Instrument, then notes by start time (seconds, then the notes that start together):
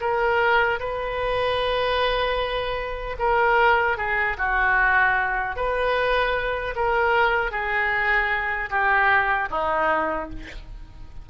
oboe
0.00 A#4
0.79 B4
3.18 A#4
3.97 G#4
4.37 F#4
5.56 B4
6.75 A#4
7.51 G#4
8.70 G4
9.50 D#4